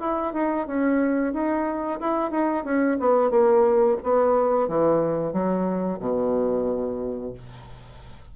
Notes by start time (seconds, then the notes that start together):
0.00 E4
0.33 D#4
0.67 C#4
1.33 D#4
2.00 E4
2.31 D#4
2.64 C#4
2.99 B3
3.30 A#3
4.03 B3
4.68 E3
5.32 F#3
6.00 B2